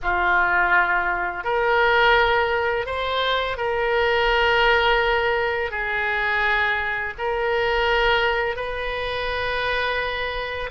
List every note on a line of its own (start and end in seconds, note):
0.02 1.44 F4
1.44 2.86 A#4
2.86 3.57 C5
3.57 5.70 A#4
5.70 7.13 G#4
7.18 8.56 A#4
8.56 10.70 B4